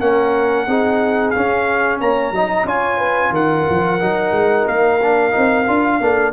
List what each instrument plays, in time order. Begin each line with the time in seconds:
0.00 tuba A#3, trombone C#4, horn A#4, trumpet F#5
0.67 tuba C4, trombone D#4, horn G#4
1.30 trombone C#4, tuba C#4, trumpet F5
2.00 tuba A#3, horn C#5, trumpet A#5
2.31 tuba F#3, trombone D#4, horn D#5
2.64 tuba C#4, trombone F4, horn C#5, trumpet G#5
2.98 horn B4
3.30 tuba D#3, horn A#4, trumpet F#5
3.69 tuba F3
4.00 tuba F#3, trombone D#4
4.31 tuba G#3
4.67 tuba A#3, trumpet F5
5.02 trombone D4
5.31 tuba C4, trombone D#4
5.67 tuba D4, trombone F4
6.00 tuba A#3, trombone D4, horn A4